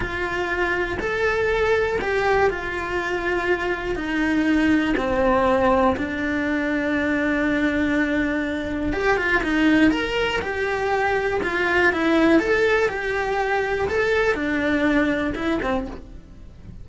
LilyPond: \new Staff \with { instrumentName = "cello" } { \time 4/4 \tempo 4 = 121 f'2 a'2 | g'4 f'2. | dis'2 c'2 | d'1~ |
d'2 g'8 f'8 dis'4 | ais'4 g'2 f'4 | e'4 a'4 g'2 | a'4 d'2 e'8 c'8 | }